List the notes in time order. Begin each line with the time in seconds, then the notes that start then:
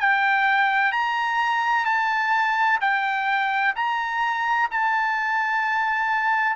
0.00 G5
0.92 A#5
1.85 A5
2.81 G5
3.76 A#5
4.71 A5